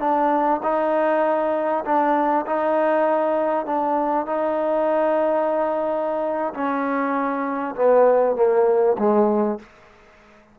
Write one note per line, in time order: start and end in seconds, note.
0.00 0.61 D4
0.63 1.85 D#4
1.85 2.46 D4
2.47 3.66 D#4
3.66 4.26 D4
4.26 6.54 D#4
6.54 7.75 C#4
7.75 8.36 B3
8.36 8.97 A#3
8.99 9.59 G#3